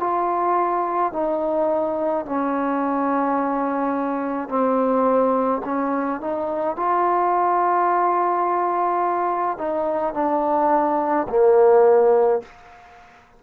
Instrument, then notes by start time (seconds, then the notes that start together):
trombone
0.00 F4
1.13 D#4
2.25 C#4
4.49 C4
5.64 C#4
6.21 D#4
6.76 F4
9.58 D#4
10.14 D4
11.29 A#3